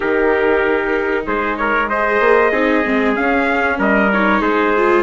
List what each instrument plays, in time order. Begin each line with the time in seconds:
0.00 bassoon D#3, viola D#4, trumpet G4 A#4
1.26 bassoon G#3, trumpet G#4 C5
1.57 trumpet A#4 C#5
1.89 viola G#4, trumpet C5 D#5
2.20 bassoon A#3
2.51 bassoon C4, viola D#4, trumpet G#4
2.84 bassoon G#3, viola C4
3.15 viola C#4, bassoon C#4, trumpet F5
3.78 bassoon G3, trumpet A#4 D#5
4.12 viola D#4, trumpet C#5
4.41 bassoon G#3, trumpet G#4 C5
4.76 viola F4